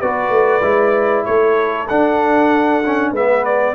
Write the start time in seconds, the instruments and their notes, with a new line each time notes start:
0.00 tuba B3, trombone F#4, horn B4, trumpet D5
0.30 tuba A3
0.61 tuba G#3, trombone E4
1.25 tuba A3, horn A4, trumpet C#5
1.88 trombone D4, tuba D4, trumpet F#5
2.86 trombone C#4
3.11 tuba G#3, trombone B3, horn B4, trumpet E5
3.45 trumpet D5